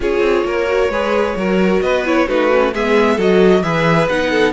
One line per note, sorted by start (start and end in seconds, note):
0.00 0.20 C#4
0.00 0.67 F4
0.00 0.46 G#4
0.00 1.81 C#5
0.20 0.42 C4
0.45 0.88 A#3
0.45 0.91 A#4
0.67 0.89 F#4
0.88 1.34 G#3
0.88 1.38 G#4
0.88 1.36 B4
1.36 1.81 F#3
1.36 2.05 F#4
1.36 1.83 A#4
1.81 2.27 B3
1.81 2.27 B4
1.81 2.04 D#5
2.05 2.27 E4
2.05 2.28 C#5
2.27 2.73 A3
2.27 2.50 D#4
2.27 2.73 F#4
2.27 2.73 B4
2.51 2.74 C#4
2.73 3.17 G#3
2.73 3.18 B3
2.73 3.15 G#4
2.73 3.20 E5
3.15 3.62 F#3
3.15 3.63 F#4
3.15 3.61 A4
3.15 3.62 D#5
3.62 4.08 E3
3.62 4.08 G#4
3.62 4.30 B4
3.62 4.08 E5
4.09 4.52 B3
4.09 4.52 D#4
4.09 4.52 F#5
4.30 4.52 A4